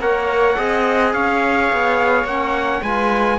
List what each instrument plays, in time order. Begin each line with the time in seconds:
0.00 cello A#3, trombone A#4, viola C#5, trumpet F#5
0.57 cello C4, trombone G#4, viola D#5
1.13 cello C#4, viola C#5, trumpet F5
1.72 cello B3
2.24 cello A#3, trombone C#4, trumpet F#5
2.83 cello G#3, trombone F4, viola B4, trumpet G#5